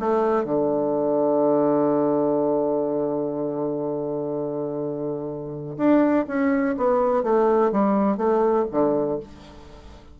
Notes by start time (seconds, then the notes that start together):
0.00 A3
0.45 D3
5.78 D4
6.28 C#4
6.78 B3
7.24 A3
7.72 G3
8.18 A3
8.72 D3